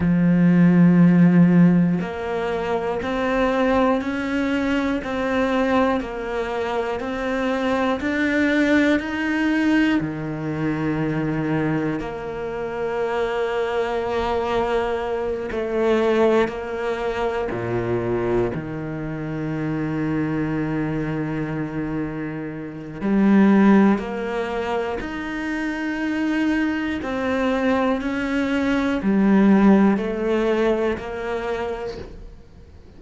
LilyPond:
\new Staff \with { instrumentName = "cello" } { \time 4/4 \tempo 4 = 60 f2 ais4 c'4 | cis'4 c'4 ais4 c'4 | d'4 dis'4 dis2 | ais2.~ ais8 a8~ |
a8 ais4 ais,4 dis4.~ | dis2. g4 | ais4 dis'2 c'4 | cis'4 g4 a4 ais4 | }